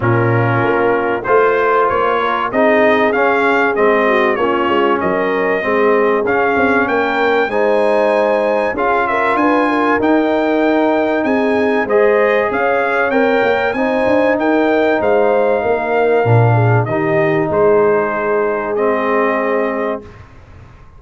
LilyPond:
<<
  \new Staff \with { instrumentName = "trumpet" } { \time 4/4 \tempo 4 = 96 ais'2 c''4 cis''4 | dis''4 f''4 dis''4 cis''4 | dis''2 f''4 g''4 | gis''2 f''8 e''8 gis''4 |
g''2 gis''4 dis''4 | f''4 g''4 gis''4 g''4 | f''2. dis''4 | c''2 dis''2 | }
  \new Staff \with { instrumentName = "horn" } { \time 4/4 f'2 c''4. ais'8 | gis'2~ gis'8 fis'8 f'4 | ais'4 gis'2 ais'4 | c''2 gis'8 ais'8 b'8 ais'8~ |
ais'2 gis'4 c''4 | cis''2 c''4 ais'4 | c''4 ais'4. gis'8 g'4 | gis'1 | }
  \new Staff \with { instrumentName = "trombone" } { \time 4/4 cis'2 f'2 | dis'4 cis'4 c'4 cis'4~ | cis'4 c'4 cis'2 | dis'2 f'2 |
dis'2. gis'4~ | gis'4 ais'4 dis'2~ | dis'2 d'4 dis'4~ | dis'2 c'2 | }
  \new Staff \with { instrumentName = "tuba" } { \time 4/4 ais,4 ais4 a4 ais4 | c'4 cis'4 gis4 ais8 gis8 | fis4 gis4 cis'8 c'8 ais4 | gis2 cis'4 d'4 |
dis'2 c'4 gis4 | cis'4 c'8 ais8 c'8 d'8 dis'4 | gis4 ais4 ais,4 dis4 | gis1 | }
>>